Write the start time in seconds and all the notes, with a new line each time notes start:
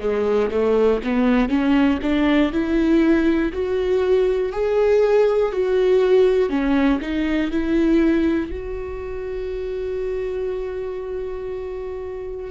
0.00 G#3
0.51 A3
1.04 B3
1.49 C#4
2.02 D4
2.52 E4
3.52 F#4
4.52 G#4
5.52 F#4
6.49 C#4
7.01 D#4
7.51 E4
8.50 F#4